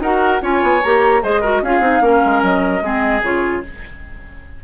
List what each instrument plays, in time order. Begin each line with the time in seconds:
0.00 bassoon D#4, clarinet F#4, oboe A#4, flute F#5
0.41 bassoon C#4, clarinet F4, oboe C#5, flute G#5
0.63 bassoon B3
0.84 bassoon A#3, clarinet G4, flute A#5
1.23 bassoon G#3, clarinet G#4, oboe C5, flute D#5
1.41 clarinet F#4, oboe A#4
1.62 bassoon C#4, clarinet F4, oboe G#4, flute F5
1.80 bassoon C4, clarinet D#4
2.01 bassoon A#3, clarinet C#4, oboe A#4
2.25 bassoon G#3
2.43 bassoon F#3, flute D#5
2.82 bassoon G#3, clarinet C4, oboe G#4
3.22 bassoon C#3, clarinet F4, flute C#5